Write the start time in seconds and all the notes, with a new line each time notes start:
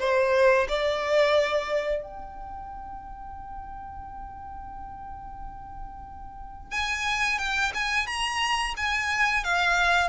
0.00 C5
0.69 D5
2.03 G5
6.72 G#5
7.39 G5
7.75 G#5
8.07 A#5
8.77 G#5
9.44 F5